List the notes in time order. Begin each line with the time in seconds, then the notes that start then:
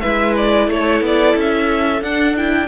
0.00 G#3 E4 B4 E5
0.36 D5
0.68 A3 A4 C#5
1.01 B3 D5
1.36 C#4 E5
2.01 D4 F#5
2.36 E4 G5